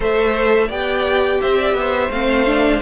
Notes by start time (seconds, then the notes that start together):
0.00 A3 A4 C5 E5
0.67 B3 G4 D5 G5
1.41 C4 C5 E5
1.57 D5
1.73 B3
1.80 C5
2.10 A3 C4 F5
2.46 D4